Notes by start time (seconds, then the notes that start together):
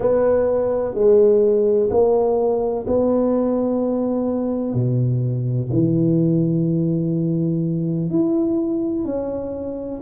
0.00 B3
0.94 G#3
1.90 A#3
2.87 B3
4.74 B2
5.72 E3
8.10 E4
9.05 C#4